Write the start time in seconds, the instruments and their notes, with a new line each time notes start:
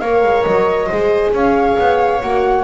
0.00 double bass A#3, horn A#4, viola C#5, flute F5
0.23 double bass G#3
0.44 double bass F#3, flute D#5
0.87 double bass G#3, horn G#4, viola C5
1.33 double bass C#4, viola C#5, flute F5
1.78 double bass B3
2.22 double bass A#3, horn F#4, flute F#5